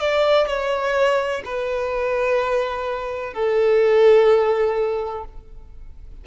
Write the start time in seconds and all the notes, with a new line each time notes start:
0.00 D5
0.47 C#5
1.45 B4
3.33 A4